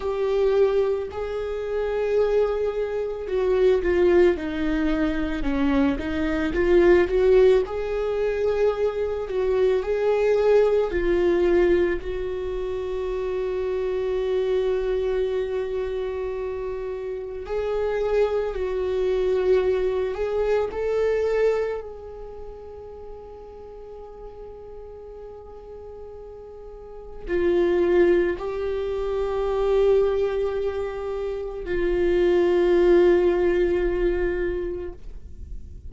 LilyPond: \new Staff \with { instrumentName = "viola" } { \time 4/4 \tempo 4 = 55 g'4 gis'2 fis'8 f'8 | dis'4 cis'8 dis'8 f'8 fis'8 gis'4~ | gis'8 fis'8 gis'4 f'4 fis'4~ | fis'1 |
gis'4 fis'4. gis'8 a'4 | gis'1~ | gis'4 f'4 g'2~ | g'4 f'2. | }